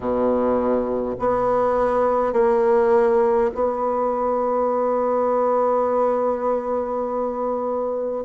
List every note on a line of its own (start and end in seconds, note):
0.00 1.15 B2
1.19 2.33 B3
2.33 3.50 A#3
3.54 8.24 B3